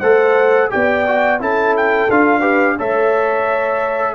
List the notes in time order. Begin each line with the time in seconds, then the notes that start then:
0.00 A3 A4 C5 F#5
0.70 B3 G4 D5 G5
1.07 F#4
1.40 C#4 E4 A4 A5
1.77 G5
2.10 D4 F4 F5
2.40 G4 B4
2.77 A3 A4 C#5 E5